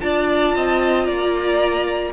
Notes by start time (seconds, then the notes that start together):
0.00 D4 F4 D5 A5
0.55 C4 D#5
1.04 A#3 D5 A#5